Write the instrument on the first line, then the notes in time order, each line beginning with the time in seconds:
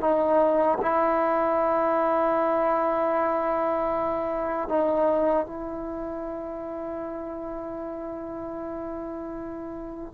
trombone
0.00 D#4
0.81 E4
4.68 D#4
5.46 E4